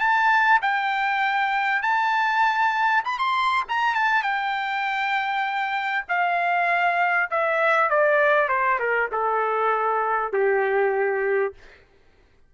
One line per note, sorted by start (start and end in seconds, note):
0.00 0.61 A5
0.62 1.83 G5
1.83 3.04 A5
3.05 3.19 B5
3.19 3.64 C6
3.69 3.95 A#5
3.95 4.23 A5
4.23 6.05 G5
6.09 7.30 F5
7.31 7.90 E5
7.90 8.49 D5
8.49 8.79 C5
8.80 9.10 A#4
9.12 10.33 A4
10.33 11.54 G4